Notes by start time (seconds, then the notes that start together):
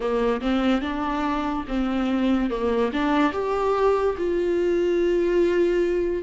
0.00 A#3
0.41 C4
0.81 D4
1.68 C4
2.50 A#3
2.92 D4
3.32 G4
4.17 F4